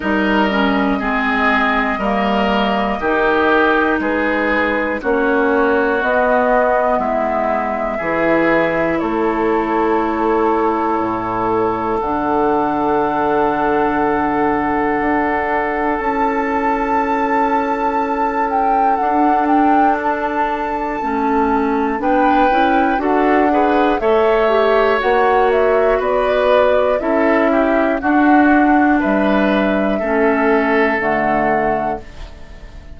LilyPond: <<
  \new Staff \with { instrumentName = "flute" } { \time 4/4 \tempo 4 = 60 dis''1 | b'4 cis''4 dis''4 e''4~ | e''4 cis''2. | fis''1 |
a''2~ a''8 g''8 fis''8 g''8 | a''2 g''4 fis''4 | e''4 fis''8 e''8 d''4 e''4 | fis''4 e''2 fis''4 | }
  \new Staff \with { instrumentName = "oboe" } { \time 4/4 ais'4 gis'4 ais'4 g'4 | gis'4 fis'2 e'4 | gis'4 a'2.~ | a'1~ |
a'1~ | a'2 b'4 a'8 b'8 | cis''2 b'4 a'8 g'8 | fis'4 b'4 a'2 | }
  \new Staff \with { instrumentName = "clarinet" } { \time 4/4 dis'8 cis'8 c'4 ais4 dis'4~ | dis'4 cis'4 b2 | e'1 | d'1 |
e'2. d'4~ | d'4 cis'4 d'8 e'8 fis'8 gis'8 | a'8 g'8 fis'2 e'4 | d'2 cis'4 a4 | }
  \new Staff \with { instrumentName = "bassoon" } { \time 4/4 g4 gis4 g4 dis4 | gis4 ais4 b4 gis4 | e4 a2 a,4 | d2. d'4 |
cis'2. d'4~ | d'4 a4 b8 cis'8 d'4 | a4 ais4 b4 cis'4 | d'4 g4 a4 d4 | }
>>